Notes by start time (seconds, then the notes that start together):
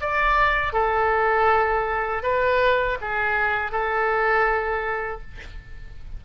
0.00 D5
0.72 A4
2.23 B4
3.01 G#4
3.71 A4